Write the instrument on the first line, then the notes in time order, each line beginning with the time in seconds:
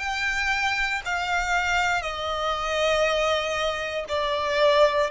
violin
0.00 G5
1.06 F5
2.02 D#5
4.09 D5